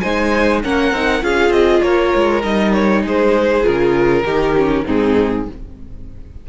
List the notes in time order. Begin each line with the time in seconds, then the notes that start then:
0.00 G#3 D#4 C5 G#5
0.63 A#3 C#4 A#4 F#5
0.92 C4 D#4
1.22 C#4 F4 G#4 F5
1.51 C4 D#5
1.82 A#3 A#4 C#5
2.16 G#3
2.43 G3 D#4 D#5
2.73 C#5
3.03 G#3 G#4 C5
3.63 C#3 F4 A#4
4.24 D#3 D#4 G4
4.57 C#4
4.86 G#2 C4 D#4 G#4